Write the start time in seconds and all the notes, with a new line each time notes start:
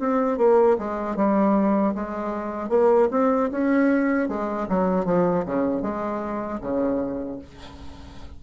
0.00 C4
0.38 A#3
0.79 G#3
1.16 G3
1.95 G#3
2.70 A#3
3.11 C4
3.51 C#4
4.29 G#3
4.69 F#3
5.06 F3
5.46 C#3
5.82 G#3
6.61 C#3